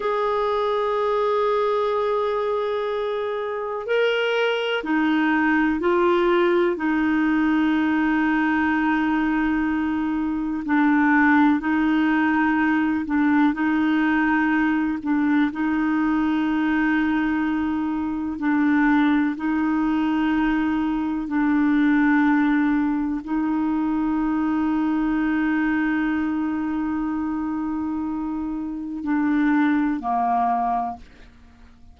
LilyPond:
\new Staff \with { instrumentName = "clarinet" } { \time 4/4 \tempo 4 = 62 gis'1 | ais'4 dis'4 f'4 dis'4~ | dis'2. d'4 | dis'4. d'8 dis'4. d'8 |
dis'2. d'4 | dis'2 d'2 | dis'1~ | dis'2 d'4 ais4 | }